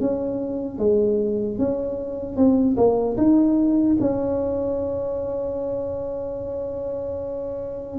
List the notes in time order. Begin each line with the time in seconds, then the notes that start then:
0.00 C#4
0.78 G#3
1.58 C#4
2.36 C4
2.76 A#3
3.17 D#4
4.00 C#4